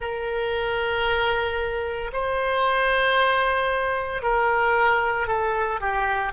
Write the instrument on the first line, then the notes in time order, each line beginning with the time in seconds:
oboe
0.00 A#4
2.12 C5
4.22 A#4
5.27 A4
5.80 G4